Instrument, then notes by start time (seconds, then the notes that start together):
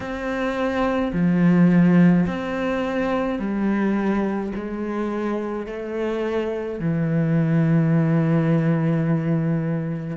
cello
0.00 C4
1.13 F3
2.26 C4
3.39 G3
4.55 G#3
5.66 A3
6.79 E3